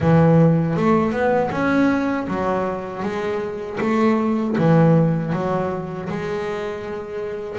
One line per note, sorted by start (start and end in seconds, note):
0.00 0.76 E3
0.76 1.12 A3
1.12 1.50 B3
1.51 2.27 C#4
2.27 3.02 F#3
3.02 3.78 G#3
3.80 4.56 A3
4.58 5.32 E3
5.32 6.08 F#3
6.09 7.59 G#3